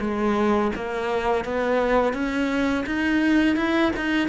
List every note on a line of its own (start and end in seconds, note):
0.00 0.71 G#3
0.75 1.44 A#3
1.44 2.13 B3
2.13 2.84 C#4
2.86 3.56 D#4
3.56 3.92 E4
3.96 4.28 D#4